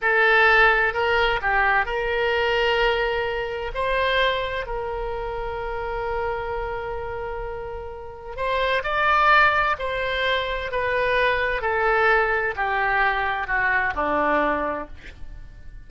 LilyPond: \new Staff \with { instrumentName = "oboe" } { \time 4/4 \tempo 4 = 129 a'2 ais'4 g'4 | ais'1 | c''2 ais'2~ | ais'1~ |
ais'2 c''4 d''4~ | d''4 c''2 b'4~ | b'4 a'2 g'4~ | g'4 fis'4 d'2 | }